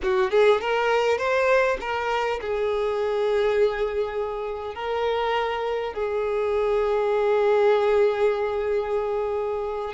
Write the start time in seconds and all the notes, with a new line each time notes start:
0.02 F#4
0.31 G#4
0.60 A#4
1.17 C5
1.80 A#4
2.41 G#4
4.74 A#4
5.93 G#4